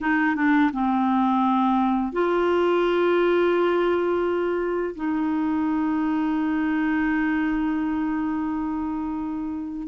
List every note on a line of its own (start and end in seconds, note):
0.00 0.35 D#4
0.35 0.71 D4
0.73 2.12 C4
2.12 4.94 F4
4.95 9.87 D#4